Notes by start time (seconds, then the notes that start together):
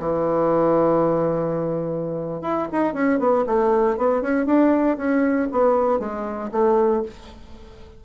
0.00 E3
2.42 E4
2.72 D#4
2.94 C#4
3.20 B3
3.47 A3
3.97 B3
4.22 C#4
4.46 D4
4.97 C#4
5.52 B3
6.00 G#3
6.52 A3